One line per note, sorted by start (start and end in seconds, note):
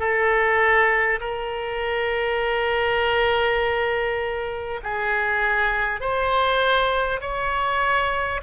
0.00 1.20 A4
1.21 4.81 A#4
4.83 6.01 G#4
6.01 7.21 C5
7.21 8.41 C#5